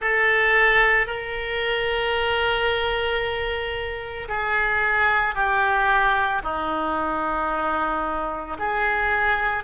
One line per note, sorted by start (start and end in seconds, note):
0.01 1.06 A4
1.06 4.28 A#4
4.28 5.35 G#4
5.35 6.42 G4
6.43 8.57 D#4
8.58 9.63 G#4